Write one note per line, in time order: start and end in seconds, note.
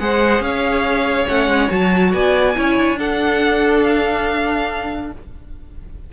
0.00 0.40 G#3
0.00 1.28 G#4
0.00 0.45 C5
0.00 0.43 F#5
0.40 1.26 C#4
0.40 2.14 C#5
0.40 1.28 F5
1.28 1.48 A3
1.28 1.69 C#4
1.28 1.70 F#5
1.48 1.69 G#3
1.69 2.14 F#3
1.69 2.55 F#4
1.69 2.13 A5
2.14 2.57 B3
2.14 2.57 D5
2.14 3.00 G#5
2.56 2.77 C#4
2.56 2.98 E4
2.56 2.99 C#5
2.77 5.12 D4
2.98 5.12 D4
2.98 5.13 A4
2.98 3.84 F#5
3.84 5.12 F5